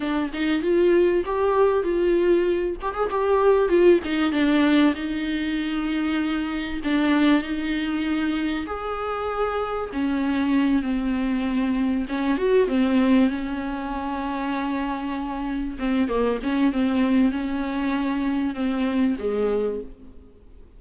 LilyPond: \new Staff \with { instrumentName = "viola" } { \time 4/4 \tempo 4 = 97 d'8 dis'8 f'4 g'4 f'4~ | f'8 g'16 gis'16 g'4 f'8 dis'8 d'4 | dis'2. d'4 | dis'2 gis'2 |
cis'4. c'2 cis'8 | fis'8 c'4 cis'2~ cis'8~ | cis'4. c'8 ais8 cis'8 c'4 | cis'2 c'4 gis4 | }